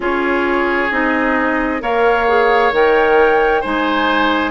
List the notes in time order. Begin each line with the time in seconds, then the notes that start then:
0.00 C#4 F4 G#4 C#5
0.91 C4 D#4 D#5
1.80 A#3 A#4 C#5 F5
2.27 G#4
2.72 D#3 A#4 G5
3.61 G#3 D#4 C5 G#5